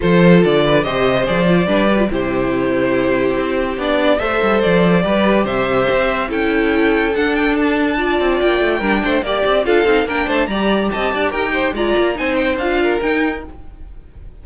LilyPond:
<<
  \new Staff \with { instrumentName = "violin" } { \time 4/4 \tempo 4 = 143 c''4 d''4 dis''4 d''4~ | d''4 c''2.~ | c''4 d''4 e''4 d''4~ | d''4 e''2 g''4~ |
g''4 fis''8 g''8 a''2 | g''2 d''4 f''4 | g''8 a''8 ais''4 a''4 g''4 | ais''4 gis''8 g''8 f''4 g''4 | }
  \new Staff \with { instrumentName = "violin" } { \time 4/4 a'4. b'8 c''2 | b'4 g'2.~ | g'2 c''2 | b'4 c''2 a'4~ |
a'2. d''4~ | d''4 ais'8 c''8 d''4 a'4 | ais'8 c''8 d''4 dis''8 d''8 ais'8 c''8 | d''4 c''4. ais'4. | }
  \new Staff \with { instrumentName = "viola" } { \time 4/4 f'2 g'4 gis'8 f'8 | d'8 g'16 f'16 e'2.~ | e'4 d'4 a'2 | g'2. e'4~ |
e'4 d'2 f'4~ | f'4 d'4 g'4 f'8 dis'8 | d'4 g'2. | f'4 dis'4 f'4 dis'4 | }
  \new Staff \with { instrumentName = "cello" } { \time 4/4 f4 d4 c4 f4 | g4 c2. | c'4 b4 a8 g8 f4 | g4 c4 c'4 cis'4~ |
cis'4 d'2~ d'8 c'8 | ais8 a8 g8 a8 ais8 c'8 d'8 c'8 | ais8 a8 g4 c'8 d'8 dis'4 | gis8 ais8 c'4 d'4 dis'4 | }
>>